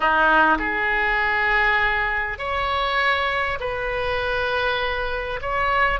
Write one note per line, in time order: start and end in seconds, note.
0.00 0.58 D#4
0.58 2.38 G#4
2.38 3.58 C#5
3.60 5.40 B4
5.41 6.00 C#5